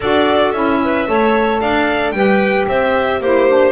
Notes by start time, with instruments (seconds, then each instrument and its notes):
0.00 double bass D4, saxophone F#4, clarinet A4, violin D5
0.51 double bass C#4, saxophone E4, violin E5
0.83 clarinet B4
1.07 double bass A3, saxophone A4, clarinet C#5
1.60 double bass D4, clarinet D5, violin F5
2.11 double bass G3, saxophone G4, clarinet B4, violin G5
2.68 double bass C4, clarinet C5, violin E5
3.19 double bass A#3, saxophone E4, clarinet G4, violin C5
3.49 saxophone D4